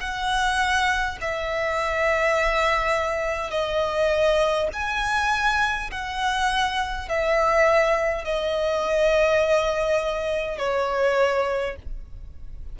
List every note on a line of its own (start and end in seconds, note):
0.00 1.18 F#5
1.21 3.51 E5
3.51 4.68 D#5
4.73 5.90 G#5
5.91 7.09 F#5
7.09 8.25 E5
8.25 10.58 D#5
10.58 11.76 C#5